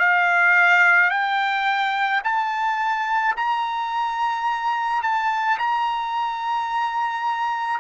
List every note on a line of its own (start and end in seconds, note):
0.00 1.11 F5
1.11 2.22 G5
2.24 3.35 A5
3.37 5.03 A#5
5.03 5.59 A5
5.59 7.80 A#5